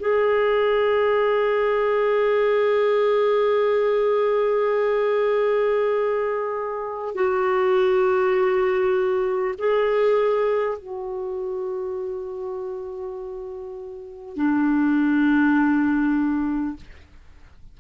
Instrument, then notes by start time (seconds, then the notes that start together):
clarinet
0.00 G#4
7.15 F#4
9.58 G#4
10.78 F#4
14.37 D4